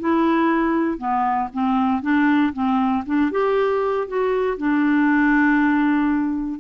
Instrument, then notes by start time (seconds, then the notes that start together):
clarinet
0.00 E4
0.98 B3
1.53 C4
2.02 D4
2.54 C4
3.06 D4
3.32 G4
4.08 F#4
4.58 D4